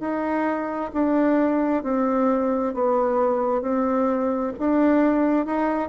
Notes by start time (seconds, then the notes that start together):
0.00 D#4
0.93 D4
1.83 C4
2.74 B3
3.62 C4
4.59 D4
5.46 D#4